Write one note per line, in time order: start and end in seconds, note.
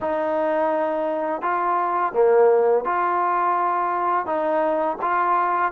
0.01 1.41 D#4
1.41 2.13 F4
2.13 2.84 A#3
2.84 4.25 F4
4.25 4.97 D#4
5.01 5.71 F4